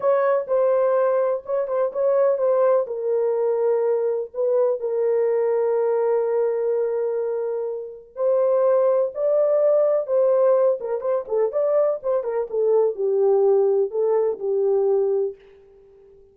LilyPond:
\new Staff \with { instrumentName = "horn" } { \time 4/4 \tempo 4 = 125 cis''4 c''2 cis''8 c''8 | cis''4 c''4 ais'2~ | ais'4 b'4 ais'2~ | ais'1~ |
ais'4 c''2 d''4~ | d''4 c''4. ais'8 c''8 a'8 | d''4 c''8 ais'8 a'4 g'4~ | g'4 a'4 g'2 | }